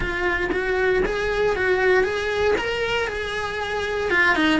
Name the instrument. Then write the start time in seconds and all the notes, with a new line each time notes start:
cello
0.00 F4
0.52 F#4
1.05 G#4
1.56 F#4
2.03 G#4
2.58 A#4
3.07 G#4
4.10 F4
4.35 D#4